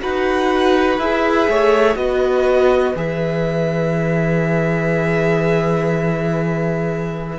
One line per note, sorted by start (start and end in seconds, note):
0.00 0.98 D#4
0.00 0.98 F#4
0.00 1.49 B4
0.00 0.99 F#5
0.98 1.47 E4
0.98 1.95 G#4
0.98 1.96 E5
1.48 1.95 A3
1.48 1.98 C#5
1.95 2.93 B3
1.95 2.94 F#4
1.95 7.38 B4
1.95 2.94 D#5
2.95 7.38 E3
2.95 7.37 G#4
2.95 7.38 E5